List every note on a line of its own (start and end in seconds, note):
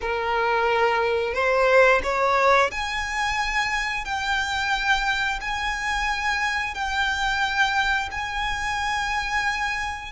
0.01 1.34 A#4
1.34 2.01 C5
2.03 2.70 C#5
2.71 4.04 G#5
4.04 5.39 G5
5.40 6.74 G#5
6.74 8.09 G5
8.11 10.12 G#5